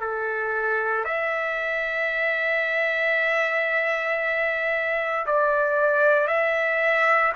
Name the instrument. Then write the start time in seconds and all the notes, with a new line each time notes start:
trumpet
0.00 A4
1.04 E5
5.26 D5
6.27 E5